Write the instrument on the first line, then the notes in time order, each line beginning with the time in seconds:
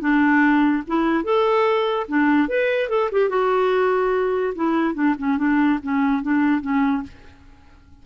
clarinet
0.00 D4
0.87 E4
1.24 A4
2.08 D4
2.48 B4
2.89 A4
3.11 G4
3.29 F#4
4.55 E4
4.94 D4
5.18 C#4
5.37 D4
5.82 C#4
6.22 D4
6.61 C#4